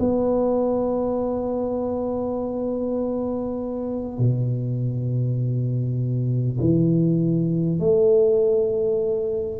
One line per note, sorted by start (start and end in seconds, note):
0.00 4.19 B3
4.19 6.59 B2
6.61 7.80 E3
7.80 9.60 A3